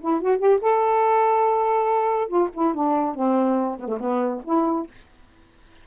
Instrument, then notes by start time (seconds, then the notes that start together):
saxophone
0.00 E4
0.21 F#4
0.38 G4
0.61 A4
2.28 F4
2.53 E4
2.74 D4
3.15 C4
3.79 B3
3.88 A3
4.00 B3
4.44 E4